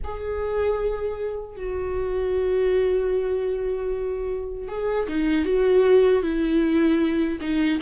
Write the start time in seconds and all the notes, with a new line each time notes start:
0.04 G#4
1.56 F#4
4.68 G#4
5.08 D#4
5.45 F#4
6.22 E4
7.40 D#4